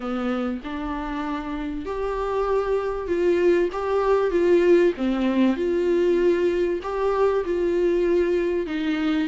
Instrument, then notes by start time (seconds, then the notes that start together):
viola
0.00 B3
0.64 D4
1.85 G4
3.07 F4
3.72 G4
4.30 F4
4.97 C4
5.56 F4
6.82 G4
7.45 F4
8.66 D#4